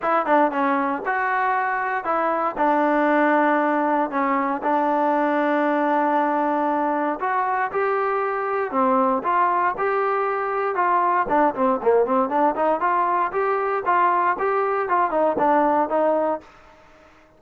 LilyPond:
\new Staff \with { instrumentName = "trombone" } { \time 4/4 \tempo 4 = 117 e'8 d'8 cis'4 fis'2 | e'4 d'2. | cis'4 d'2.~ | d'2 fis'4 g'4~ |
g'4 c'4 f'4 g'4~ | g'4 f'4 d'8 c'8 ais8 c'8 | d'8 dis'8 f'4 g'4 f'4 | g'4 f'8 dis'8 d'4 dis'4 | }